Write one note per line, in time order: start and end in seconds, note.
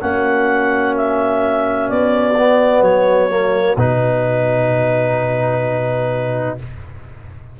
0.00 1.90 A#3
0.00 2.34 C#4
0.00 6.59 F#4
0.00 0.95 F#5
0.97 1.89 E5
1.89 2.82 B3
1.89 2.83 D5
2.38 3.30 B3
2.82 3.76 F#3
2.82 3.76 C#5
3.30 3.77 A#3
3.77 6.58 B2
3.77 6.60 D#4
3.77 6.58 B4